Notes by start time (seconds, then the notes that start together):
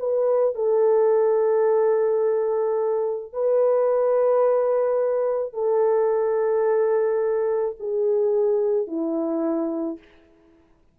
0.00 B4
0.56 A4
3.33 B4
5.54 A4
7.80 G#4
8.88 E4